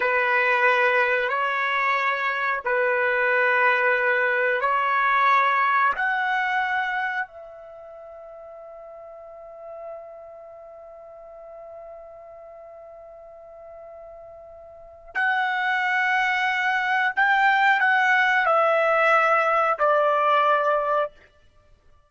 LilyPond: \new Staff \with { instrumentName = "trumpet" } { \time 4/4 \tempo 4 = 91 b'2 cis''2 | b'2. cis''4~ | cis''4 fis''2 e''4~ | e''1~ |
e''1~ | e''2. fis''4~ | fis''2 g''4 fis''4 | e''2 d''2 | }